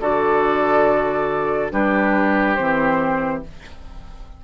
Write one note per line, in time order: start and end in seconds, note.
0.00 1.71 D3
0.00 1.71 F#4
0.00 1.72 A4
0.00 1.72 D5
1.71 2.58 G3
1.71 2.57 D4
1.71 3.44 G4
1.71 2.55 B4
2.55 3.44 E3
2.55 3.43 C4
2.55 3.41 C5